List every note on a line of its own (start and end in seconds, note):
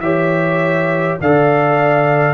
0.00 1.18 E3
0.00 1.21 G4
0.00 1.21 C#5
0.00 1.18 E5
1.21 2.35 D3
1.21 2.35 A4
1.21 2.35 D5
1.21 2.35 F5